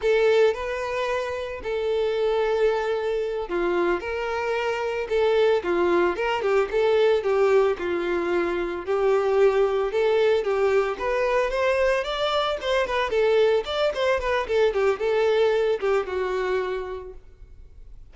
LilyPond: \new Staff \with { instrumentName = "violin" } { \time 4/4 \tempo 4 = 112 a'4 b'2 a'4~ | a'2~ a'8 f'4 ais'8~ | ais'4. a'4 f'4 ais'8 | g'8 a'4 g'4 f'4.~ |
f'8 g'2 a'4 g'8~ | g'8 b'4 c''4 d''4 c''8 | b'8 a'4 d''8 c''8 b'8 a'8 g'8 | a'4. g'8 fis'2 | }